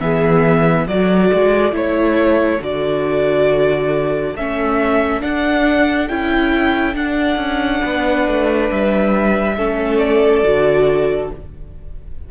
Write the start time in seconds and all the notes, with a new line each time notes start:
0.00 E3 B3 G#4 E5
0.87 F#3 F#4 A4 D5
1.33 G#3
1.72 A3 E4 C#5
2.60 D3 F#4 D5
4.35 A3 C#4 E5
5.21 D4 F#5
6.08 C#4 E4 G5
6.95 D4 F#5
7.36 C#4
7.81 B3 B4
8.27 A3
8.71 G3 E5
9.57 A3 C#4 A4
9.98 D5
10.43 D3 F#4